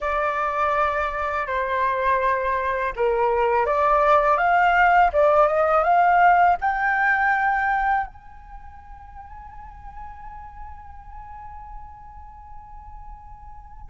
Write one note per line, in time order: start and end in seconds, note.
0.00 1.46 D5
1.46 2.93 C5
2.95 3.66 A#4
3.66 4.37 D5
4.37 5.11 F5
5.13 5.47 D5
5.47 5.83 D#5
5.83 6.56 F5
6.61 8.06 G5
8.06 13.90 G#5